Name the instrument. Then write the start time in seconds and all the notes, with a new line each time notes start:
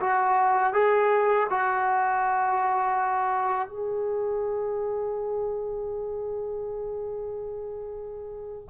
trombone
0.00 F#4
0.73 G#4
1.50 F#4
3.69 G#4